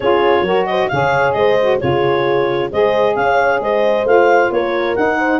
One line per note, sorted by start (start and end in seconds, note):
0.00 0.41 C#4
0.00 0.45 F4
0.00 0.44 G#4
0.00 0.66 C#5
0.41 0.86 F#3
0.41 0.90 F#4
0.41 0.67 A#4
0.66 0.92 C5
0.66 0.88 D#5
0.88 1.34 C#3
0.88 1.58 G#4
0.88 1.37 C#5
0.88 1.32 F5
1.32 1.80 G#3
1.32 1.80 C5
1.32 1.77 D#5
1.60 1.79 F#4
1.79 2.72 C#3
1.79 2.69 F4
1.79 2.70 G#4
1.79 2.70 C#5
2.71 3.15 G#3
2.71 4.06 G#4
2.71 3.16 C5
2.71 3.15 D#5
3.15 3.60 C#4
3.15 3.61 C#5
3.15 3.60 F5
3.60 4.04 G#3
3.60 4.52 C5
3.60 4.06 D#5
4.04 4.49 A3
4.04 4.96 F4
4.04 4.51 F5
4.51 4.96 A#3
4.51 5.17 A#4
4.51 4.95 C#5
4.95 5.40 D#4
4.95 5.40 F#5
5.17 5.40 C5